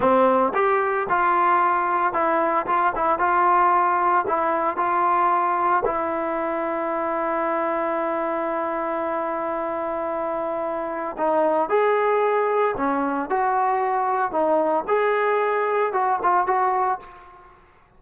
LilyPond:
\new Staff \with { instrumentName = "trombone" } { \time 4/4 \tempo 4 = 113 c'4 g'4 f'2 | e'4 f'8 e'8 f'2 | e'4 f'2 e'4~ | e'1~ |
e'1~ | e'4 dis'4 gis'2 | cis'4 fis'2 dis'4 | gis'2 fis'8 f'8 fis'4 | }